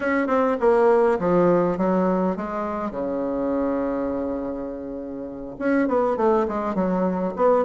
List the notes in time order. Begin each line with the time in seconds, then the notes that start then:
0.00 C#4
0.27 C4
0.60 A#3
1.19 F3
1.77 F#3
2.36 G#3
2.90 C#3
5.58 C#4
5.87 B3
6.16 A3
6.47 G#3
6.74 F#3
7.35 B3